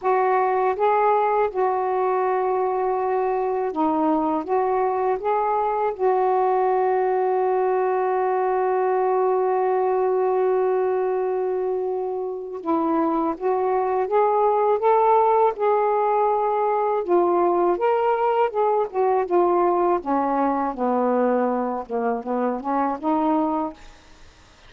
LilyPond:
\new Staff \with { instrumentName = "saxophone" } { \time 4/4 \tempo 4 = 81 fis'4 gis'4 fis'2~ | fis'4 dis'4 fis'4 gis'4 | fis'1~ | fis'1~ |
fis'4 e'4 fis'4 gis'4 | a'4 gis'2 f'4 | ais'4 gis'8 fis'8 f'4 cis'4 | b4. ais8 b8 cis'8 dis'4 | }